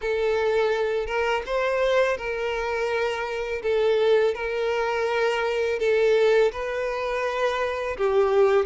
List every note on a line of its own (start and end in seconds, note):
0.01 1.06 A4
1.06 1.42 A#4
1.46 2.17 C5
2.17 3.61 A#4
3.62 4.34 A4
4.34 5.79 A#4
5.79 6.51 A4
6.52 7.96 B4
7.97 8.65 G4